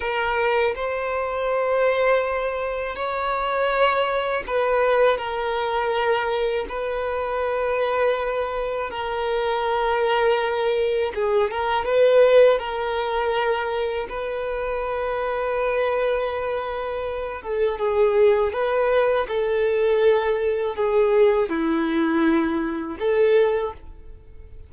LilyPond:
\new Staff \with { instrumentName = "violin" } { \time 4/4 \tempo 4 = 81 ais'4 c''2. | cis''2 b'4 ais'4~ | ais'4 b'2. | ais'2. gis'8 ais'8 |
b'4 ais'2 b'4~ | b'2.~ b'8 a'8 | gis'4 b'4 a'2 | gis'4 e'2 a'4 | }